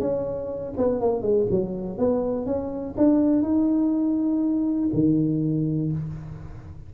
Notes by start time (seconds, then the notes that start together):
0.00 C#4
0.77 B3
1.00 A#3
1.22 G#3
1.50 F#3
1.98 B3
2.46 C#4
2.98 D4
3.42 D#4
4.94 D#3